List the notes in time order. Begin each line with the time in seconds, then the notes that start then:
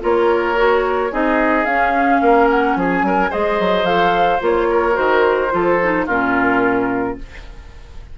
0.00 A#3 F4 A#4 C#5
0.57 F#4
1.11 C4 D#4 G#4 D#5
1.65 C#4 F5
2.21 A#3 A#4
2.50 F#5
2.76 F3 G#4 G#5
3.02 F#3 A#4
3.30 G#3 G#4 C5 D#5
3.60 F#3
3.83 F3 A4 F5
4.40 A#3 F4 C#5
4.70 A#4
4.92 D#3 F#4 C5
5.50 F3 F4 A4
5.83 D#4
6.06 A#2 C#4 F4 A#4